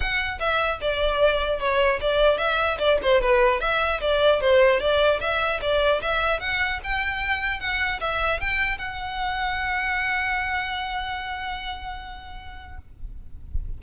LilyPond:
\new Staff \with { instrumentName = "violin" } { \time 4/4 \tempo 4 = 150 fis''4 e''4 d''2 | cis''4 d''4 e''4 d''8 c''8 | b'4 e''4 d''4 c''4 | d''4 e''4 d''4 e''4 |
fis''4 g''2 fis''4 | e''4 g''4 fis''2~ | fis''1~ | fis''1 | }